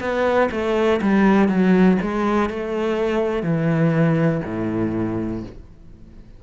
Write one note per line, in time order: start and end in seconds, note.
0.00 0.49 B3
0.51 1.00 A3
1.02 1.48 G3
1.48 1.98 F#3
2.02 2.49 G#3
2.49 3.42 A3
3.42 4.41 E3
4.45 5.43 A2